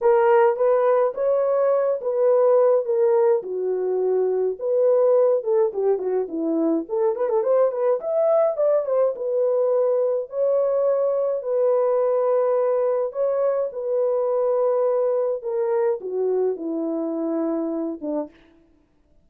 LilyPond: \new Staff \with { instrumentName = "horn" } { \time 4/4 \tempo 4 = 105 ais'4 b'4 cis''4. b'8~ | b'4 ais'4 fis'2 | b'4. a'8 g'8 fis'8 e'4 | a'8 b'16 a'16 c''8 b'8 e''4 d''8 c''8 |
b'2 cis''2 | b'2. cis''4 | b'2. ais'4 | fis'4 e'2~ e'8 d'8 | }